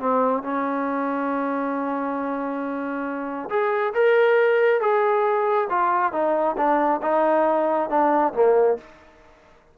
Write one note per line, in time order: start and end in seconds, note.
0.00 0.43 C4
0.43 3.50 C#4
3.50 3.94 G#4
3.94 4.81 A#4
4.81 5.69 G#4
5.70 6.13 F4
6.13 6.56 D#4
6.57 7.01 D4
7.02 7.90 D#4
7.90 8.34 D4
8.34 8.78 A#3